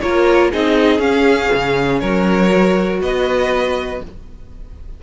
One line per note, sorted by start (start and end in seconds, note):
0.00 0.53 A#3
0.00 0.52 F4
0.00 0.51 A#4
0.00 0.50 C#5
0.51 0.99 C4
0.51 0.99 D#4
0.51 2.01 G#4
0.51 1.01 D#5
0.99 1.49 C#4
0.99 2.49 C#4
0.99 2.00 F5
1.54 2.02 C#3
2.00 3.01 F#3
2.00 3.01 A#4
2.00 3.00 C#5
2.50 4.00 F#4
3.01 4.01 B3
3.01 4.03 B4
3.01 4.02 D#5